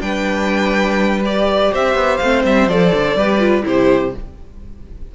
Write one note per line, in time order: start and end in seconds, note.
0.00 1.70 G3
0.00 1.21 D4
0.00 1.72 B4
0.00 1.22 G5
1.25 2.22 G4
1.25 1.73 D5
1.72 1.94 C4
1.72 3.16 C5
1.72 2.17 E5
1.94 2.18 B3
2.17 2.44 A3
2.17 2.69 C4
2.17 2.41 F5
2.44 2.67 G3
2.44 2.68 E5
2.67 2.92 F3
2.67 3.17 A4
2.67 3.65 D5
2.93 3.15 D3
3.15 3.63 G3
3.15 3.39 G4
3.15 3.65 B4
3.39 3.62 F4
3.62 4.14 C3
3.62 4.11 E4
3.62 4.15 G4
3.62 4.15 C5